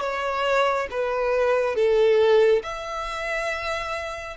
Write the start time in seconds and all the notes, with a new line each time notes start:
0.00 C#5
0.90 B4
1.75 A4
2.62 E5